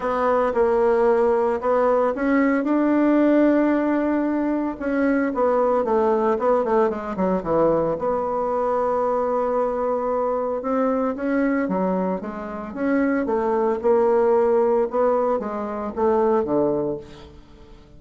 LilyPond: \new Staff \with { instrumentName = "bassoon" } { \time 4/4 \tempo 4 = 113 b4 ais2 b4 | cis'4 d'2.~ | d'4 cis'4 b4 a4 | b8 a8 gis8 fis8 e4 b4~ |
b1 | c'4 cis'4 fis4 gis4 | cis'4 a4 ais2 | b4 gis4 a4 d4 | }